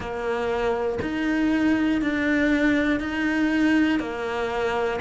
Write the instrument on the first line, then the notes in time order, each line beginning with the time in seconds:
cello
0.00 A#3
1.01 D#4
2.01 D4
3.00 D#4
3.99 A#3